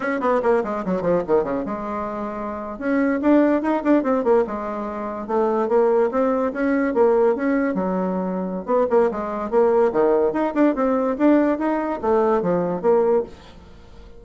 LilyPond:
\new Staff \with { instrumentName = "bassoon" } { \time 4/4 \tempo 4 = 145 cis'8 b8 ais8 gis8 fis8 f8 dis8 cis8 | gis2~ gis8. cis'4 d'16~ | d'8. dis'8 d'8 c'8 ais8 gis4~ gis16~ | gis8. a4 ais4 c'4 cis'16~ |
cis'8. ais4 cis'4 fis4~ fis16~ | fis4 b8 ais8 gis4 ais4 | dis4 dis'8 d'8 c'4 d'4 | dis'4 a4 f4 ais4 | }